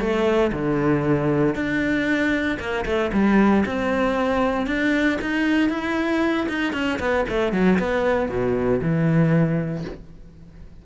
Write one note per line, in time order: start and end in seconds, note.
0.00 0.52 A3
0.52 1.55 D3
1.55 2.58 D4
2.59 2.85 A#3
2.85 3.11 A3
3.13 3.65 G3
3.66 4.67 C4
4.67 5.19 D4
5.21 5.69 D#4
5.69 6.47 E4
6.49 6.73 D#4
6.73 6.99 C#4
6.99 7.25 B3
7.29 7.53 A3
7.53 7.79 F#3
7.79 8.29 B3
8.29 8.81 B2
8.81 9.85 E3